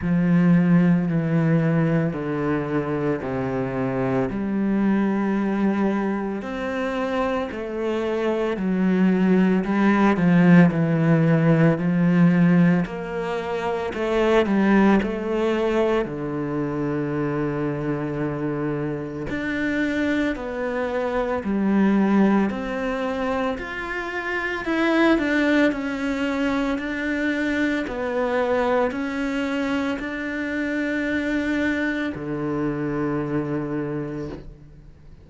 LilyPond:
\new Staff \with { instrumentName = "cello" } { \time 4/4 \tempo 4 = 56 f4 e4 d4 c4 | g2 c'4 a4 | fis4 g8 f8 e4 f4 | ais4 a8 g8 a4 d4~ |
d2 d'4 b4 | g4 c'4 f'4 e'8 d'8 | cis'4 d'4 b4 cis'4 | d'2 d2 | }